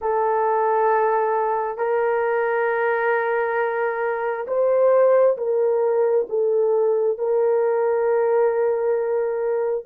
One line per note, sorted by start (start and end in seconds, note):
0.01 1.77 A4
1.77 4.46 A#4
4.47 5.36 C5
5.37 6.26 A#4
6.29 7.18 A4
7.18 9.85 A#4